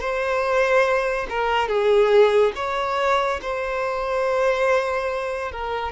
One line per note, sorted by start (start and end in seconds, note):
0.00 1.27 C5
1.29 1.68 A#4
1.68 2.53 G#4
2.55 3.40 C#5
3.42 5.52 C5
5.52 5.92 A#4